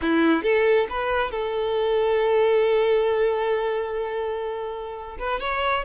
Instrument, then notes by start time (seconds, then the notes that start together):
violin
0.01 E4
0.43 A4
0.89 B4
1.31 A4
5.18 B4
5.40 C#5